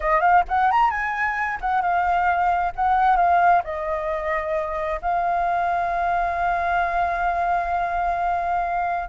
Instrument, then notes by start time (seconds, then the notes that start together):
flute
0.00 D#5
0.20 F5
0.48 F#5
0.71 A#5
0.90 G#5
1.60 F#5
1.81 F5
2.75 F#5
3.16 F5
3.64 D#5
5.01 F5